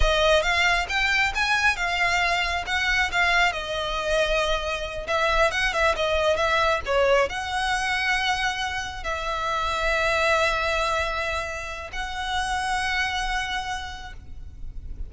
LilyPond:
\new Staff \with { instrumentName = "violin" } { \time 4/4 \tempo 4 = 136 dis''4 f''4 g''4 gis''4 | f''2 fis''4 f''4 | dis''2.~ dis''8 e''8~ | e''8 fis''8 e''8 dis''4 e''4 cis''8~ |
cis''8 fis''2.~ fis''8~ | fis''8 e''2.~ e''8~ | e''2. fis''4~ | fis''1 | }